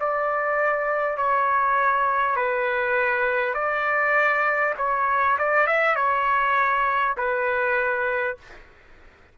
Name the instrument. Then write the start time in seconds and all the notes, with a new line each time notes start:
trumpet
0.00 D5
1.18 C#5
2.37 B4
3.55 D5
4.78 C#5
5.39 D5
5.67 E5
5.96 C#5
7.17 B4